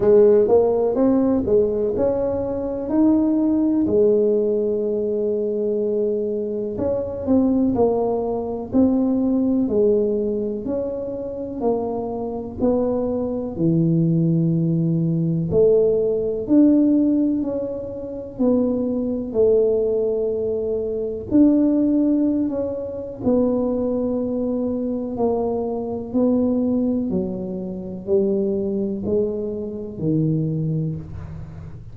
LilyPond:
\new Staff \with { instrumentName = "tuba" } { \time 4/4 \tempo 4 = 62 gis8 ais8 c'8 gis8 cis'4 dis'4 | gis2. cis'8 c'8 | ais4 c'4 gis4 cis'4 | ais4 b4 e2 |
a4 d'4 cis'4 b4 | a2 d'4~ d'16 cis'8. | b2 ais4 b4 | fis4 g4 gis4 dis4 | }